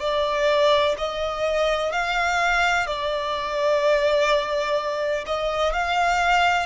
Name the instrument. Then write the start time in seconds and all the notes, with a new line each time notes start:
violin
0.00 D5
0.97 D#5
1.92 F5
2.87 D5
5.26 D#5
5.73 F5